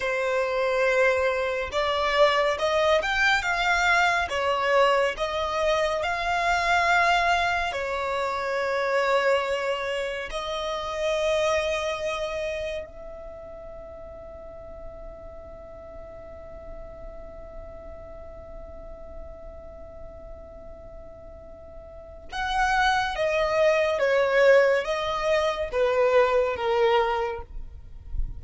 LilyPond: \new Staff \with { instrumentName = "violin" } { \time 4/4 \tempo 4 = 70 c''2 d''4 dis''8 g''8 | f''4 cis''4 dis''4 f''4~ | f''4 cis''2. | dis''2. e''4~ |
e''1~ | e''1~ | e''2 fis''4 dis''4 | cis''4 dis''4 b'4 ais'4 | }